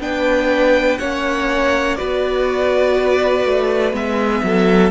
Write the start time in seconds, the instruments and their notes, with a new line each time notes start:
0.00 cello B3, viola D4, violin B4 G5
0.98 cello A#3, viola C#4, violin C#5 F#5
1.96 cello B3, viola F#4, violin B4 D5
3.45 cello A3
3.93 cello G#3, viola B3, violin E5
4.44 cello F#3, violin A4